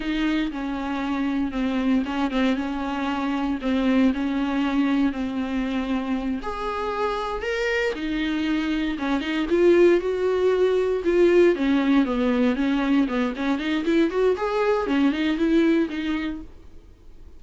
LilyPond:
\new Staff \with { instrumentName = "viola" } { \time 4/4 \tempo 4 = 117 dis'4 cis'2 c'4 | cis'8 c'8 cis'2 c'4 | cis'2 c'2~ | c'8 gis'2 ais'4 dis'8~ |
dis'4. cis'8 dis'8 f'4 fis'8~ | fis'4. f'4 cis'4 b8~ | b8 cis'4 b8 cis'8 dis'8 e'8 fis'8 | gis'4 cis'8 dis'8 e'4 dis'4 | }